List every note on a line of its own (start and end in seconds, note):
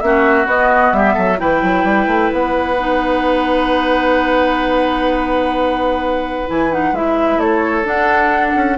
0.00 0.46 A#3
0.00 0.45 C#4
0.00 0.97 F#4
0.00 0.46 E5
0.45 1.37 B3
0.45 0.92 B3
0.45 0.92 D#5
0.92 1.15 G3
0.92 1.13 G4
0.92 1.38 E5
1.13 1.41 F#3
1.13 1.36 A4
1.37 1.62 E3
1.37 2.75 E4
1.37 7.41 B4
1.37 2.32 G5
1.62 1.84 F#3
1.84 2.07 G3
2.07 2.30 A3
2.32 6.48 B3
2.32 6.48 F#5
2.79 6.47 D#4
6.47 6.92 E3
6.47 6.70 E4
6.47 6.72 G#5
6.70 6.93 D#4
6.70 6.95 F#5
6.92 7.37 G#3
6.92 7.84 E4
6.92 7.40 E5
7.37 7.83 A3
7.37 8.77 A4
7.37 7.86 C#5
7.84 8.76 D4
7.84 8.54 D4
7.84 8.77 F#5
8.55 8.77 C#4